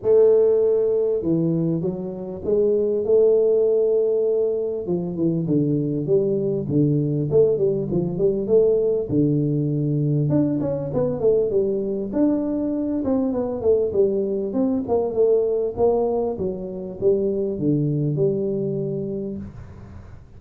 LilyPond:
\new Staff \with { instrumentName = "tuba" } { \time 4/4 \tempo 4 = 99 a2 e4 fis4 | gis4 a2. | f8 e8 d4 g4 d4 | a8 g8 f8 g8 a4 d4~ |
d4 d'8 cis'8 b8 a8 g4 | d'4. c'8 b8 a8 g4 | c'8 ais8 a4 ais4 fis4 | g4 d4 g2 | }